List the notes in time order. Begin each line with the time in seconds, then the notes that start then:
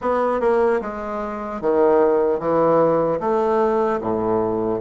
0.01 B3
0.40 A#3
0.81 G#3
1.61 D#3
2.39 E3
3.20 A3
4.00 A2